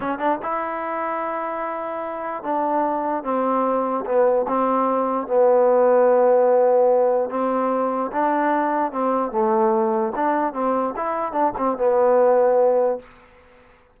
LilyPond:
\new Staff \with { instrumentName = "trombone" } { \time 4/4 \tempo 4 = 148 cis'8 d'8 e'2.~ | e'2 d'2 | c'2 b4 c'4~ | c'4 b2.~ |
b2 c'2 | d'2 c'4 a4~ | a4 d'4 c'4 e'4 | d'8 c'8 b2. | }